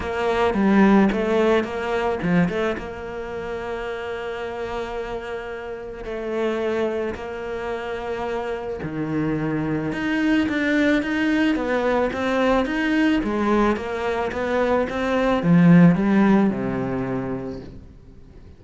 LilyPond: \new Staff \with { instrumentName = "cello" } { \time 4/4 \tempo 4 = 109 ais4 g4 a4 ais4 | f8 a8 ais2.~ | ais2. a4~ | a4 ais2. |
dis2 dis'4 d'4 | dis'4 b4 c'4 dis'4 | gis4 ais4 b4 c'4 | f4 g4 c2 | }